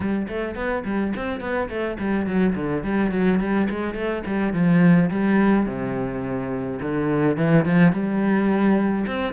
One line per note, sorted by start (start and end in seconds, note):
0.00 0.27 G3
0.28 0.55 A3
0.55 0.83 B3
0.85 1.13 G3
1.16 1.40 C4
1.40 1.68 B3
1.69 1.97 A3
1.99 2.26 G3
2.26 2.54 F#3
2.55 2.83 D3
2.83 3.11 G3
3.11 3.39 F#3
3.39 3.68 G3
3.69 3.94 G#3
3.94 4.22 A3
4.26 4.53 G3
4.53 5.09 F3
5.10 5.66 G3
5.66 6.79 C3
6.81 7.36 D3
7.36 7.65 E3
7.65 7.92 F3
7.92 9.05 G3
9.06 9.33 C4